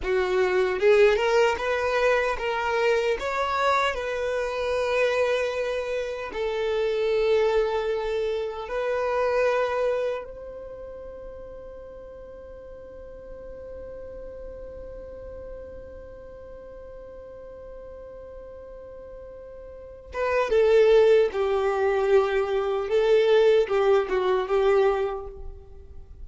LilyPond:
\new Staff \with { instrumentName = "violin" } { \time 4/4 \tempo 4 = 76 fis'4 gis'8 ais'8 b'4 ais'4 | cis''4 b'2. | a'2. b'4~ | b'4 c''2.~ |
c''1~ | c''1~ | c''4. b'8 a'4 g'4~ | g'4 a'4 g'8 fis'8 g'4 | }